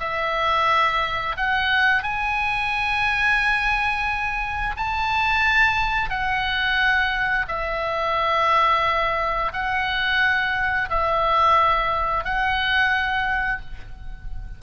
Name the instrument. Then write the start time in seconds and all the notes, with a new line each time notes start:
oboe
0.00 E5
1.37 F#5
2.03 G#5
4.77 A5
6.10 F#5
7.48 E5
9.54 F#5
10.90 E5
12.25 F#5